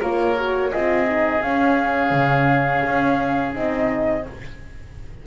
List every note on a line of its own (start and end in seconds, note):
0.00 0.73 A#3
0.00 0.37 F4
0.00 0.71 A#4
0.00 0.73 C#5
0.37 0.72 F#4
0.71 1.43 C4
0.71 1.07 F4
0.71 4.24 G#4
0.71 1.42 D#5
1.07 1.43 D#4
1.42 2.11 C#4
1.42 3.54 C#4
1.42 3.54 F5
2.11 2.82 C#3
2.86 3.56 C#4
3.54 4.26 C4
3.54 4.24 D#4
3.54 4.27 D#5